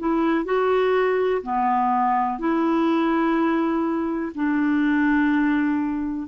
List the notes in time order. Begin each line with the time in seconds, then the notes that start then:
0.00 E4
0.45 F#4
1.43 B3
2.39 E4
4.35 D4